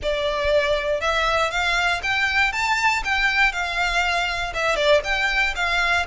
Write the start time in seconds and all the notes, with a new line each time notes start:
0.02 D5
1.00 E5
1.51 F5
2.03 G5
2.52 A5
3.04 G5
3.52 F5
4.54 E5
4.76 D5
5.04 G5
5.55 F5